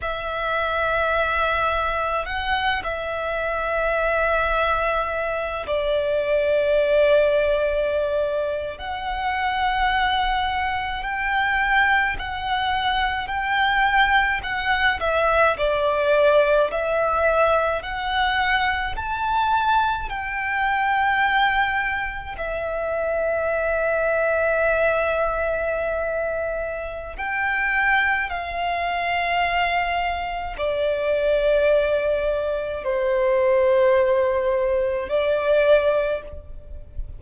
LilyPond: \new Staff \with { instrumentName = "violin" } { \time 4/4 \tempo 4 = 53 e''2 fis''8 e''4.~ | e''4 d''2~ d''8. fis''16~ | fis''4.~ fis''16 g''4 fis''4 g''16~ | g''8. fis''8 e''8 d''4 e''4 fis''16~ |
fis''8. a''4 g''2 e''16~ | e''1 | g''4 f''2 d''4~ | d''4 c''2 d''4 | }